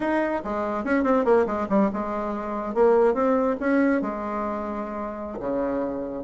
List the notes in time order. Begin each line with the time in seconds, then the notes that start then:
0.00 D#4
0.44 G#3
0.84 C#4
1.03 C4
1.24 A#3
1.46 G#3
1.69 G3
1.93 G#3
2.74 A#3
3.13 C4
3.59 C#4
4.01 G#3
5.39 C#3